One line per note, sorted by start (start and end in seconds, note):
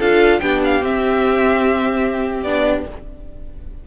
0.00 0.41 D4
0.00 0.42 F4
0.00 0.41 A4
0.00 0.40 F5
0.40 0.82 B3
0.40 0.83 D4
0.40 2.88 G4
0.40 0.61 G5
0.65 0.85 F5
0.82 2.44 C4
0.82 2.46 C4
0.82 2.44 E5
2.44 2.85 B3
2.44 2.87 D4
2.44 2.84 D5